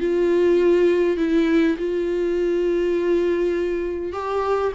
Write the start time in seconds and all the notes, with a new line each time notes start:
0.00 F4
1.17 E4
1.78 F4
4.13 G4